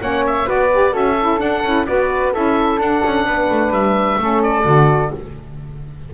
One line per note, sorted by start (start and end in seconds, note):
0.00 0.48 A#3
0.00 0.45 C#4
0.00 0.46 C#5
0.00 0.25 F#5
0.26 0.49 E5
0.45 0.94 B3
0.45 0.68 F#4
0.45 0.93 B4
0.45 0.96 D5
0.72 0.91 G4
0.91 1.40 C#4
0.91 1.15 F#4
0.91 1.86 A4
0.91 1.40 E5
1.19 1.38 E4
1.38 1.61 D4
1.38 1.64 D4
1.38 1.86 F#5
1.64 1.87 C#4
1.64 1.87 E4
1.86 2.35 B3
1.86 2.33 F#4
1.86 2.33 B4
1.86 2.33 D5
2.33 2.79 C#4
2.33 2.80 E4
2.33 3.26 A4
2.33 2.80 E5
2.79 3.02 D4
2.79 4.20 D4
2.79 3.73 F#5
3.05 3.25 C#4
3.25 3.48 B3
3.25 4.20 B4
3.50 3.70 A3
3.70 4.17 G3
3.70 4.42 E5
4.18 4.64 A3
4.18 4.64 C#4
4.18 5.14 A4
4.42 5.12 D5
4.64 5.11 D3
4.64 5.11 F#4